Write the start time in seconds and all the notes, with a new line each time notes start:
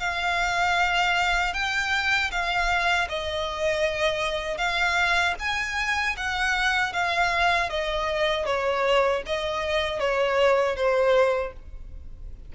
0.00 F5
1.54 G5
2.31 F5
3.09 D#5
4.58 F5
5.40 G#5
6.17 F#5
6.93 F5
7.70 D#5
8.46 C#5
9.26 D#5
10.00 C#5
10.76 C5